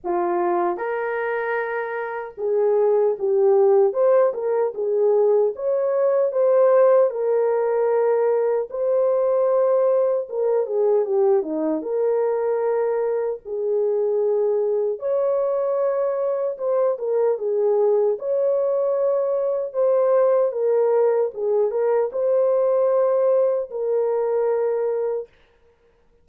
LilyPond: \new Staff \with { instrumentName = "horn" } { \time 4/4 \tempo 4 = 76 f'4 ais'2 gis'4 | g'4 c''8 ais'8 gis'4 cis''4 | c''4 ais'2 c''4~ | c''4 ais'8 gis'8 g'8 dis'8 ais'4~ |
ais'4 gis'2 cis''4~ | cis''4 c''8 ais'8 gis'4 cis''4~ | cis''4 c''4 ais'4 gis'8 ais'8 | c''2 ais'2 | }